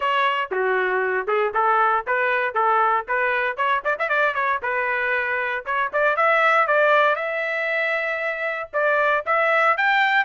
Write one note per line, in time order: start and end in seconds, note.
0.00 0.50 C#5
0.51 1.27 F#4
1.27 1.52 G#4
1.54 2.05 A4
2.07 2.54 B4
2.54 3.05 A4
3.07 3.56 B4
3.56 3.82 C#5
3.84 3.97 D5
3.99 4.09 E5
4.09 4.34 D5
4.34 4.60 C#5
4.62 5.64 B4
5.65 5.91 C#5
5.92 6.16 D5
6.16 6.67 E5
6.67 7.15 D5
7.15 8.69 E5
8.73 9.24 D5
9.26 9.77 E5
9.77 10.24 G5